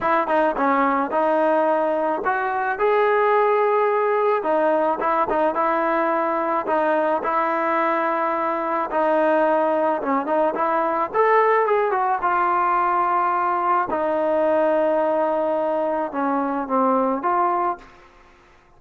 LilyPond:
\new Staff \with { instrumentName = "trombone" } { \time 4/4 \tempo 4 = 108 e'8 dis'8 cis'4 dis'2 | fis'4 gis'2. | dis'4 e'8 dis'8 e'2 | dis'4 e'2. |
dis'2 cis'8 dis'8 e'4 | a'4 gis'8 fis'8 f'2~ | f'4 dis'2.~ | dis'4 cis'4 c'4 f'4 | }